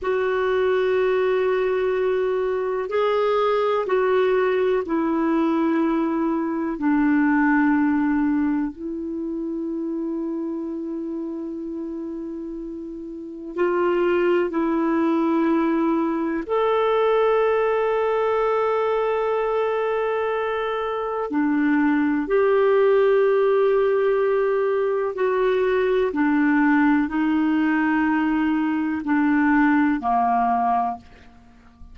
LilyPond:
\new Staff \with { instrumentName = "clarinet" } { \time 4/4 \tempo 4 = 62 fis'2. gis'4 | fis'4 e'2 d'4~ | d'4 e'2.~ | e'2 f'4 e'4~ |
e'4 a'2.~ | a'2 d'4 g'4~ | g'2 fis'4 d'4 | dis'2 d'4 ais4 | }